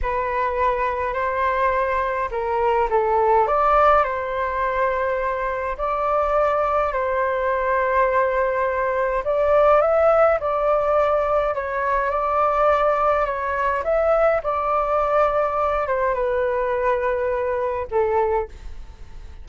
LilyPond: \new Staff \with { instrumentName = "flute" } { \time 4/4 \tempo 4 = 104 b'2 c''2 | ais'4 a'4 d''4 c''4~ | c''2 d''2 | c''1 |
d''4 e''4 d''2 | cis''4 d''2 cis''4 | e''4 d''2~ d''8 c''8 | b'2. a'4 | }